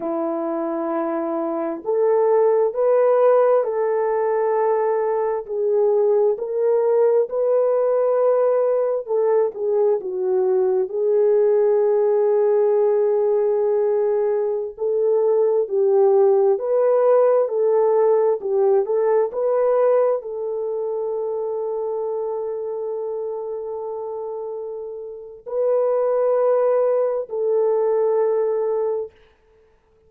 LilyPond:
\new Staff \with { instrumentName = "horn" } { \time 4/4 \tempo 4 = 66 e'2 a'4 b'4 | a'2 gis'4 ais'4 | b'2 a'8 gis'8 fis'4 | gis'1~ |
gis'16 a'4 g'4 b'4 a'8.~ | a'16 g'8 a'8 b'4 a'4.~ a'16~ | a'1 | b'2 a'2 | }